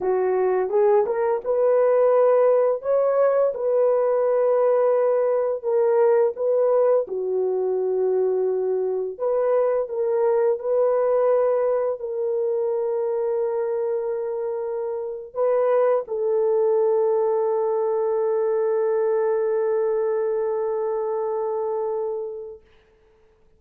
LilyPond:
\new Staff \with { instrumentName = "horn" } { \time 4/4 \tempo 4 = 85 fis'4 gis'8 ais'8 b'2 | cis''4 b'2. | ais'4 b'4 fis'2~ | fis'4 b'4 ais'4 b'4~ |
b'4 ais'2.~ | ais'4.~ ais'16 b'4 a'4~ a'16~ | a'1~ | a'1 | }